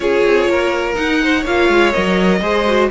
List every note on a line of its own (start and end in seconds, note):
0.00 0.23 C#4
0.00 0.94 F4
0.00 0.49 G#4
0.00 0.95 C#5
0.24 0.48 C4
0.48 0.97 A#3
0.48 1.22 A#4
0.94 1.42 D#4
0.94 1.45 D#4
0.94 1.44 F#5
1.23 1.40 C5
1.40 1.68 A#3
1.40 2.37 C#5
1.46 1.93 F4
1.46 1.92 F5
1.68 1.93 G#3
1.92 2.40 F#3
1.92 2.41 A#4
1.92 2.89 D#5
2.40 2.89 G#3
2.40 2.65 G#4
2.40 2.90 C5
2.66 2.90 F#4